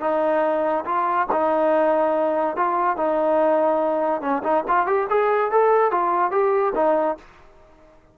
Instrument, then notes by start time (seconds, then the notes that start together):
trombone
0.00 D#4
0.85 F4
1.32 D#4
2.56 F4
2.96 D#4
4.21 C#4
4.43 D#4
4.68 F4
4.86 G4
5.09 G#4
5.51 A4
5.91 F4
6.31 G4
6.75 D#4